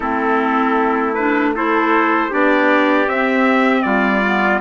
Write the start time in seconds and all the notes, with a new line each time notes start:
0.00 A3 C4 E4 A4
1.13 D4 B4
1.54 E4 A4 C5
2.29 B3 D4 G4 D5
3.06 C4 E5
3.82 G3 F4 D5
4.25 B3